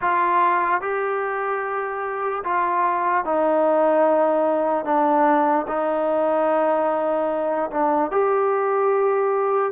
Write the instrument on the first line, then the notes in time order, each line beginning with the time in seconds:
trombone
0.01 F4
0.81 G4
2.44 F4
3.24 D#4
4.84 D4
5.68 D#4
7.70 D4
8.11 G4